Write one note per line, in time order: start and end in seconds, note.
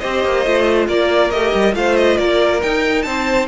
0.00 0.25 C4
0.00 0.46 G4
0.00 0.88 C5
0.00 0.87 D#5
0.25 0.46 A#3
0.46 0.88 A3
0.46 1.33 F4
0.88 1.31 A#3
0.88 1.75 A#4
0.88 1.31 D5
1.31 1.54 A3
1.31 1.75 G4
1.31 1.75 D#5
1.55 1.75 G3
1.75 2.19 A3
1.75 2.62 F4
1.75 2.19 C5
1.75 1.97 F5
1.97 2.18 D#5
2.18 2.63 A#3
2.18 3.06 A#4
2.18 2.61 D5
2.62 3.06 D#4
2.62 3.49 D#4
2.62 3.03 G5
3.03 3.49 C4
3.03 3.49 C5
3.03 3.47 A5